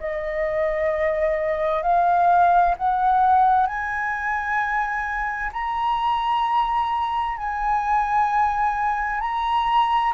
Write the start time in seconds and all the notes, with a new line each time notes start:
0.00 D#5
1.83 F5
2.77 F#5
3.67 G#5
5.53 A#5
7.37 G#5
9.21 A#5